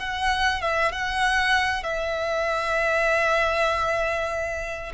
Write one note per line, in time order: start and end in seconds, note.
0.00 0.62 F#5
0.62 0.93 E5
0.93 1.83 F#5
1.83 4.93 E5